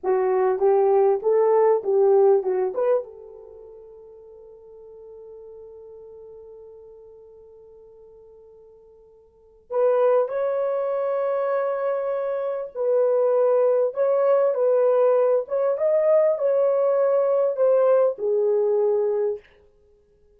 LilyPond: \new Staff \with { instrumentName = "horn" } { \time 4/4 \tempo 4 = 99 fis'4 g'4 a'4 g'4 | fis'8 b'8 a'2.~ | a'1~ | a'1 |
b'4 cis''2.~ | cis''4 b'2 cis''4 | b'4. cis''8 dis''4 cis''4~ | cis''4 c''4 gis'2 | }